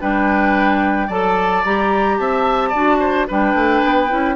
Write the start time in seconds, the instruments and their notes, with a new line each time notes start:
0.00 bassoon G3, clarinet D4, oboe B4, flute G5
1.07 bassoon F#3, clarinet A4, oboe D5, flute A5
1.65 bassoon G3, clarinet G4, flute A#5
2.18 bassoon C4, oboe E5, flute A5
2.69 bassoon D4, clarinet F#4, oboe D5
3.00 oboe C5
3.28 bassoon G3, clarinet D4, oboe B4, flute G5
3.54 bassoon A3
3.85 bassoon B3
4.09 bassoon C#4, clarinet E4